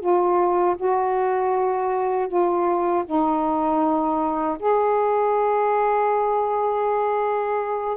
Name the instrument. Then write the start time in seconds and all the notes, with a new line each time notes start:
saxophone
0.00 F4
0.77 F#4
2.28 F4
3.06 D#4
4.59 G#4